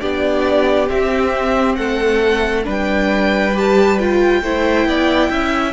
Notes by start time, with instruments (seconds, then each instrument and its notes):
0.00 cello B3, viola D4, violin G4 D5
0.87 viola C4, cello C4, violin E5
1.75 cello A3, violin A4 F#5
2.64 cello G3, viola D4, violin B4
2.70 violin G5
3.53 viola G4, violin A5
3.99 viola F4, violin G5
4.41 cello A3, viola E4, violin C5
4.85 cello B3, violin D5
5.30 cello C#4, violin E5